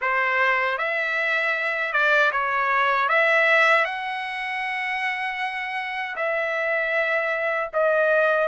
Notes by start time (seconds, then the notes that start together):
0.01 C5
0.78 E5
1.92 D5
2.31 C#5
3.08 E5
3.85 F#5
6.16 E5
7.73 D#5